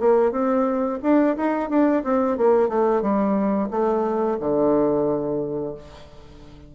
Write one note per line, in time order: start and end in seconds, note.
0.00 0.32 A#3
0.32 0.99 C4
1.03 1.36 D4
1.36 1.69 D#4
1.69 2.03 D4
2.04 2.37 C4
2.37 2.69 A#3
2.69 3.02 A3
3.02 3.69 G3
3.70 4.38 A3
4.40 5.75 D3